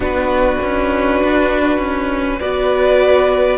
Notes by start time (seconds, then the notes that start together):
0.00 B3 D4 F#4 B4
0.62 C#4
1.23 D4
1.78 C#4
2.40 B3 F#4 B4 D5